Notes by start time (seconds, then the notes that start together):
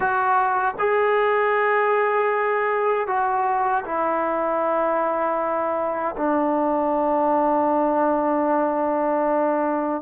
0.00 F#4
0.79 G#4
3.07 F#4
3.85 E4
6.17 D4